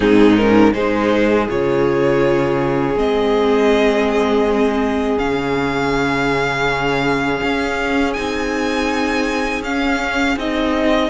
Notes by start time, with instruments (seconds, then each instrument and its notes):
0.00 cello G#2, viola C4, violin D#4 G#4
0.36 viola C#4, violin A#4
0.73 cello G#3, viola D#4, violin G#4 C5
1.49 cello C#3, viola F4, violin C#5
2.95 cello G#3, viola C4, violin D#5
5.18 cello C#3, viola C#4, violin F5
7.43 cello C#4
8.13 cello C4, viola D#4, violin G#5
9.61 cello C#4, viola C#4, violin F5
10.36 cello C4, viola D#4, violin D#5